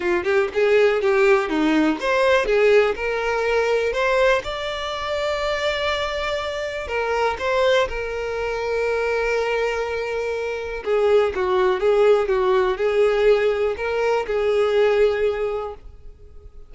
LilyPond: \new Staff \with { instrumentName = "violin" } { \time 4/4 \tempo 4 = 122 f'8 g'8 gis'4 g'4 dis'4 | c''4 gis'4 ais'2 | c''4 d''2.~ | d''2 ais'4 c''4 |
ais'1~ | ais'2 gis'4 fis'4 | gis'4 fis'4 gis'2 | ais'4 gis'2. | }